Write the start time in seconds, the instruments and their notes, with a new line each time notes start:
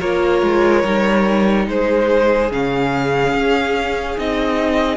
0.00 cello A#3, viola F4, violin A#4 C#5
0.42 cello G#3
0.84 cello G3, viola D#4
1.67 cello G#3, violin G#4 C5
2.51 cello C#3, viola C#4, violin F5
3.34 cello C#4
4.17 cello C4, viola D#4, violin D#5